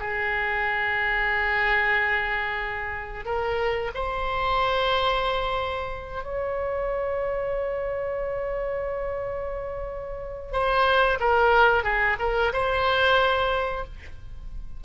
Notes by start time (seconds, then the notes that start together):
0.00 G#4
3.26 A#4
3.95 C5
6.24 C#5
10.53 C5
11.21 A#4
11.84 G#4
12.20 A#4
12.53 C5